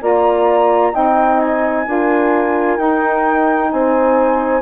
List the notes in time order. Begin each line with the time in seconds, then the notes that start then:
0.00 A#3 F4 D5 A#5
0.93 C4 D#4 D#5 G5
1.40 G#5
1.86 D4 F4 A#4
2.77 D#4 G5
3.71 C4 C5 G#5